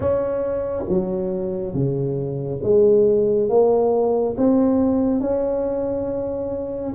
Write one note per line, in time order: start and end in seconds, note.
0.00 0.83 C#4
0.88 1.74 F#3
1.74 2.60 C#3
2.62 3.49 G#3
3.49 4.36 A#3
4.37 5.20 C4
5.20 6.94 C#4